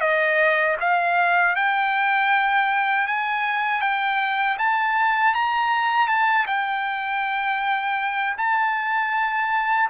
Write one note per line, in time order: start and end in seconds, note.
0.00 0.76 D#5
0.80 1.55 F5
1.55 3.07 G5
3.07 3.81 G#5
3.81 4.57 G5
4.58 5.34 A5
5.34 6.08 A#5
6.08 6.46 A5
6.46 8.36 G5
8.37 9.89 A5